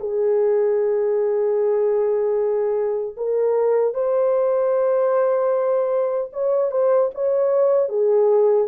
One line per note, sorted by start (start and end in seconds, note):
0.00 3.16 G#4
3.17 3.94 A#4
3.94 6.31 C5
6.33 6.71 C#5
6.71 7.11 C5
7.14 7.89 C#5
7.89 8.68 G#4